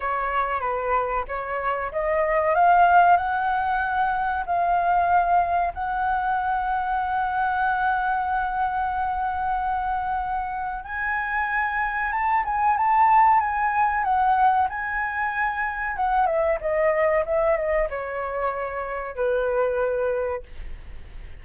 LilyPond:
\new Staff \with { instrumentName = "flute" } { \time 4/4 \tempo 4 = 94 cis''4 b'4 cis''4 dis''4 | f''4 fis''2 f''4~ | f''4 fis''2.~ | fis''1~ |
fis''4 gis''2 a''8 gis''8 | a''4 gis''4 fis''4 gis''4~ | gis''4 fis''8 e''8 dis''4 e''8 dis''8 | cis''2 b'2 | }